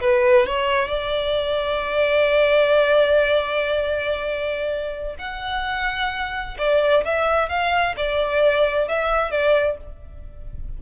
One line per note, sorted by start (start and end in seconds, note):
0.00 0.46 B4
0.46 0.88 C#5
0.88 5.15 D5
5.18 6.57 F#5
6.58 7.04 D5
7.04 7.49 E5
7.49 7.95 F5
7.96 8.88 D5
8.88 9.31 E5
9.31 9.77 D5